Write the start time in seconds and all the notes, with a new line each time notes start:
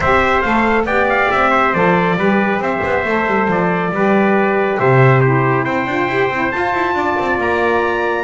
0.00 C4 G4 C5 E5
0.41 A3 A4 F5
0.85 B3 G4 D5 G5
1.09 F5
1.31 C4 E5
1.50 C5
1.73 F3 A4 D5
2.16 G3 G4 B4
2.58 C4 C5 E5
2.84 B3
3.04 A3 A4
3.26 G3
3.48 F3 D5
3.91 G3 G4 B4
4.78 C3 C5 E5
5.20 E4 G4 C5
5.64 C4 C5 G5
5.86 D4 F4
6.07 E4 G4
6.30 C4 E4
6.51 F4 A5
6.73 E4
6.94 D4 D5
7.19 C4
7.38 A#3 A#5